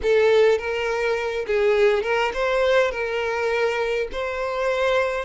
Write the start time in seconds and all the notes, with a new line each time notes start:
0.02 A4
0.58 A#4
1.46 G#4
2.03 A#4
2.33 C5
2.91 A#4
4.11 C5